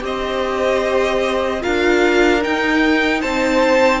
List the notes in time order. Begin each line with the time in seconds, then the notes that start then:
0.00 C4 G4 C5 D#5
1.61 D4 F4 A#4 F5
2.41 D#4 G5
3.21 C4 C5 A5